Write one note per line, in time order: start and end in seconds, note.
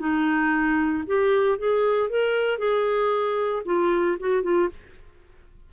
0.00 1.04 D#4
1.07 1.59 G4
1.59 2.10 G#4
2.10 2.59 A#4
2.59 3.63 G#4
3.66 4.18 F4
4.20 4.43 F#4
4.43 4.69 F4